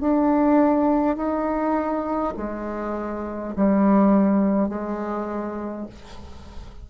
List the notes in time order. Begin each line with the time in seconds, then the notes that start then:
0.00 D4
1.16 D#4
2.36 G#3
3.56 G3
4.68 G#3